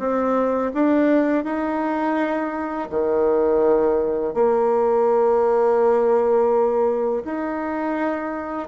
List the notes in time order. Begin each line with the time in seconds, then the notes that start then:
0.00 C4
0.75 D4
1.45 D#4
2.90 D#3
4.34 A#3
7.26 D#4